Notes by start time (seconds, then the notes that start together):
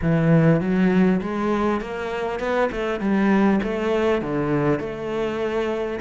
0.02 E3
0.61 F#3
1.21 G#3
1.80 A#3
2.39 B3
2.71 A3
2.99 G3
3.63 A3
4.21 D3
4.79 A3